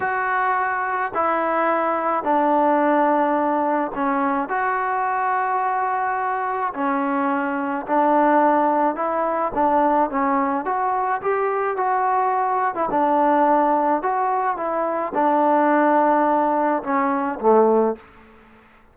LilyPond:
\new Staff \with { instrumentName = "trombone" } { \time 4/4 \tempo 4 = 107 fis'2 e'2 | d'2. cis'4 | fis'1 | cis'2 d'2 |
e'4 d'4 cis'4 fis'4 | g'4 fis'4.~ fis'16 e'16 d'4~ | d'4 fis'4 e'4 d'4~ | d'2 cis'4 a4 | }